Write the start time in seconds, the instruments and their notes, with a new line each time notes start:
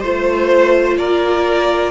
0.00 cello A3, viola F4, violin C5
0.98 cello A#3, violin A#4 D5